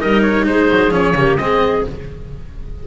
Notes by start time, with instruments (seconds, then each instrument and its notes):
0.00 double bass G3, cello D#4, clarinet A#4, oboe D#5
0.22 oboe C#5
0.47 double bass G#3, clarinet G#4, oboe C5
0.71 double bass F#3
0.91 double bass F3, cello C#4, oboe C#5
1.14 double bass C#3, cello A#3, clarinet G4
1.37 double bass G#3, cello C4, clarinet G#4, oboe D#5